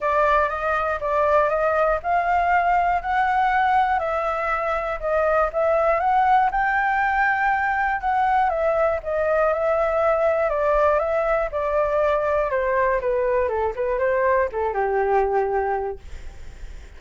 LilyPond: \new Staff \with { instrumentName = "flute" } { \time 4/4 \tempo 4 = 120 d''4 dis''4 d''4 dis''4 | f''2 fis''2 | e''2 dis''4 e''4 | fis''4 g''2. |
fis''4 e''4 dis''4 e''4~ | e''4 d''4 e''4 d''4~ | d''4 c''4 b'4 a'8 b'8 | c''4 a'8 g'2~ g'8 | }